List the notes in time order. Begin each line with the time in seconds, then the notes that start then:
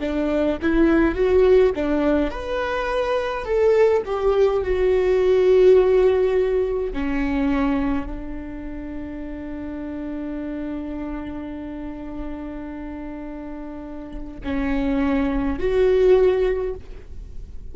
0.00 D4
0.61 E4
1.15 F#4
1.75 D4
2.31 B4
3.45 A4
4.05 G4
4.63 F#4
6.93 C#4
8.06 D4
14.44 C#4
15.59 F#4